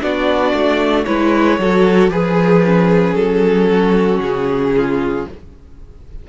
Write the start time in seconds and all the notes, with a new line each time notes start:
0.00 B3 D4 F#4 D5
0.53 A3
1.04 G#3 E4 B4 C#5
1.58 F#3 F#4 A4
2.08 F3 G#4 B4
2.64 C#4
3.14 F#3 A4
3.69 F#4
4.19 C#3 G#4
4.76 F4